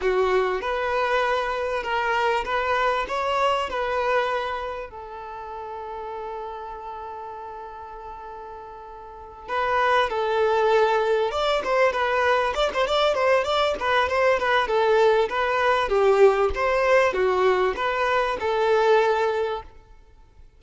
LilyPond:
\new Staff \with { instrumentName = "violin" } { \time 4/4 \tempo 4 = 98 fis'4 b'2 ais'4 | b'4 cis''4 b'2 | a'1~ | a'2.~ a'8 b'8~ |
b'8 a'2 d''8 c''8 b'8~ | b'8 d''16 c''16 d''8 c''8 d''8 b'8 c''8 b'8 | a'4 b'4 g'4 c''4 | fis'4 b'4 a'2 | }